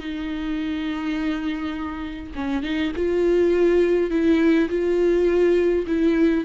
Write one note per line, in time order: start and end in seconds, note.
0.00 2.33 D#4
2.36 2.63 C#4
2.63 2.93 D#4
2.97 4.11 F4
4.11 4.69 E4
4.70 5.86 F4
5.87 6.45 E4